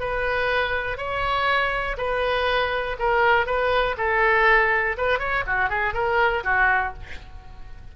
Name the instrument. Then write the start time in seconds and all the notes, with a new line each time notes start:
oboe
0.00 B4
0.97 C#5
1.98 B4
2.99 A#4
3.46 B4
3.98 A4
4.97 B4
5.19 C#5
5.47 F#4
5.70 G#4
5.94 A#4
6.44 F#4